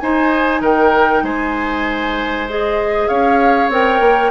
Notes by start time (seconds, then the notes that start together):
0.00 D#4 C5 G#5
0.61 D#3 A#4 G5
1.23 G#3 C5 G#5
2.49 G#4 D#5
3.09 C#4 C#5 F5
3.69 C4 A#4 G5
4.00 A#3